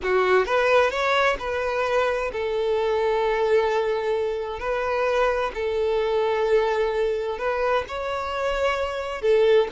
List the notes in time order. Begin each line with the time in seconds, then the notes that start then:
0.02 F#4
0.45 B4
0.90 C#5
1.39 B4
2.32 A4
4.59 B4
5.54 A4
7.38 B4
7.88 C#5
9.21 A4